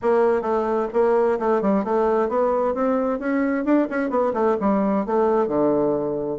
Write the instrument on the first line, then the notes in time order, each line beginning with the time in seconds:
bassoon
0.02 A#3
0.41 A3
0.93 A#3
1.39 A3
1.61 G3
1.84 A3
2.28 B3
2.74 C4
3.19 C#4
3.64 D4
3.89 C#4
4.10 B3
4.33 A3
4.60 G3
5.05 A3
5.47 D3